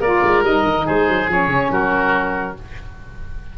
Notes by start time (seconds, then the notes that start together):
0.00 A#3 F4 A#4 D5
0.23 G#3
0.42 G3 D#4 D#5
0.63 D#3
0.85 G#3 G#4 C5
1.08 F#3
1.28 F3 C#4 C#5
1.47 C#3
1.70 F#3 F#4 A#4